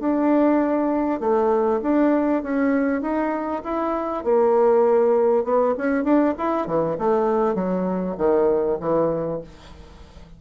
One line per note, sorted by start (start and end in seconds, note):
0.00 1.20 D4
1.20 1.81 A3
1.83 2.43 D4
2.43 3.02 C#4
3.02 3.63 D#4
3.64 4.25 E4
4.25 5.45 A#3
5.45 5.75 B3
5.78 6.04 C#4
6.04 6.34 D4
6.39 6.67 E4
6.67 6.98 E3
6.99 7.55 A3
7.55 8.16 F#3
8.18 8.79 D#3
8.81 9.41 E3